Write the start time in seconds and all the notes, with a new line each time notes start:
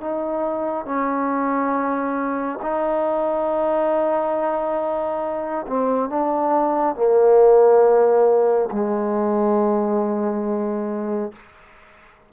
0.00 D#4
0.85 C#4
2.62 D#4
5.67 C4
6.09 D4
6.96 A#3
8.71 G#3